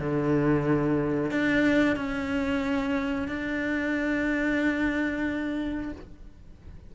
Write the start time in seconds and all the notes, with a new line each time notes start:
0.00 D3
1.31 D4
1.97 C#4
3.29 D4